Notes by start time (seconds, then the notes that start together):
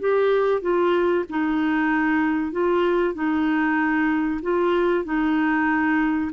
0.00 G4
0.61 F4
1.29 D#4
2.52 F4
3.14 D#4
4.42 F4
5.05 D#4